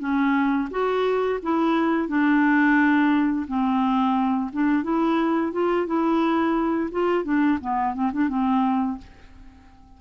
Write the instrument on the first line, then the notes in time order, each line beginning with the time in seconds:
clarinet
0.00 C#4
0.71 F#4
1.43 E4
2.09 D4
3.48 C4
4.53 D4
4.84 E4
5.52 F4
5.87 E4
6.92 F4
7.25 D4
7.61 B3
7.95 C4
8.13 D4
8.29 C4